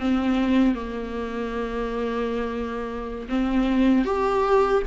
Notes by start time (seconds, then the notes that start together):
0.00 C4
0.75 A#3
3.29 C4
4.05 G4